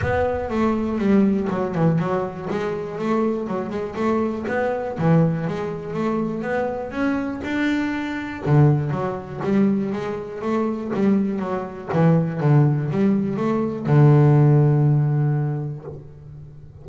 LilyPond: \new Staff \with { instrumentName = "double bass" } { \time 4/4 \tempo 4 = 121 b4 a4 g4 fis8 e8 | fis4 gis4 a4 fis8 gis8 | a4 b4 e4 gis4 | a4 b4 cis'4 d'4~ |
d'4 d4 fis4 g4 | gis4 a4 g4 fis4 | e4 d4 g4 a4 | d1 | }